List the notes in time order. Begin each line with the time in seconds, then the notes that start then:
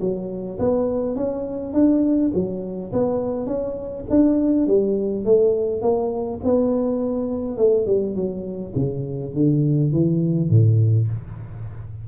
0.00 F#3
0.59 B3
1.15 C#4
1.73 D4
2.34 F#3
2.92 B3
3.46 C#4
4.09 D4
4.67 G3
5.25 A3
5.81 A#3
6.43 B3
7.57 A3
7.86 G3
8.15 F#3
8.75 C#3
9.33 D3
9.92 E3
10.50 A2